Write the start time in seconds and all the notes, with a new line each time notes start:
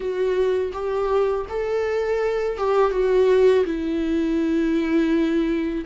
0.00 F#4
0.73 G4
1.49 A4
2.57 G4
2.91 F#4
3.65 E4